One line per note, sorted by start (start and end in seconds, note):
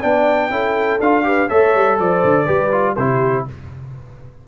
0.00 0.51 B3
0.00 0.51 D4
0.00 0.49 D5
0.00 1.01 G5
0.51 1.00 C#4
0.51 1.00 E4
0.51 1.26 A4
1.01 1.50 D4
1.01 1.24 F4
1.01 1.49 F5
1.24 1.49 G4
1.24 1.49 B4
1.49 1.75 A3
1.49 2.46 A4
1.49 1.98 C#5
1.49 1.98 E5
1.75 1.99 G3
1.99 2.24 F3
1.99 2.45 C5
1.99 2.96 D5
2.24 2.49 D3
2.45 2.98 G3
2.45 2.71 G4
2.45 2.95 B4
2.72 2.97 F4
2.96 3.47 C3
2.96 3.48 E4
2.96 3.46 G4
2.96 3.45 C5